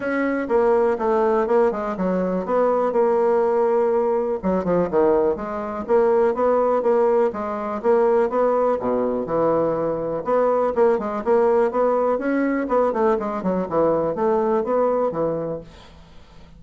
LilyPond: \new Staff \with { instrumentName = "bassoon" } { \time 4/4 \tempo 4 = 123 cis'4 ais4 a4 ais8 gis8 | fis4 b4 ais2~ | ais4 fis8 f8 dis4 gis4 | ais4 b4 ais4 gis4 |
ais4 b4 b,4 e4~ | e4 b4 ais8 gis8 ais4 | b4 cis'4 b8 a8 gis8 fis8 | e4 a4 b4 e4 | }